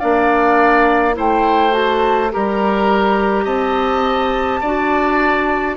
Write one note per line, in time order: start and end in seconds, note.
0.00 1.18 A#3
0.00 1.13 D4
0.00 1.15 D5
0.00 1.16 F5
1.13 2.33 A3
1.13 1.71 E4
1.13 2.32 C5
1.19 1.74 G5
1.71 2.29 F#4
1.71 2.32 A5
2.32 3.45 G3
2.32 4.63 G4
2.32 3.45 A#4
2.32 3.45 A#5
3.45 4.61 C4
3.45 4.60 D#5
3.45 5.76 A5
4.61 5.77 D4
4.61 5.77 F#4
4.61 5.76 D5